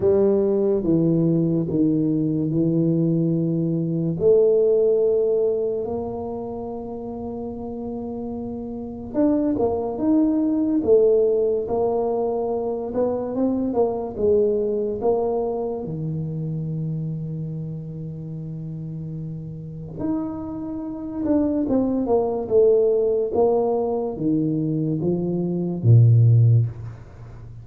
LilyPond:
\new Staff \with { instrumentName = "tuba" } { \time 4/4 \tempo 4 = 72 g4 e4 dis4 e4~ | e4 a2 ais4~ | ais2. d'8 ais8 | dis'4 a4 ais4. b8 |
c'8 ais8 gis4 ais4 dis4~ | dis1 | dis'4. d'8 c'8 ais8 a4 | ais4 dis4 f4 ais,4 | }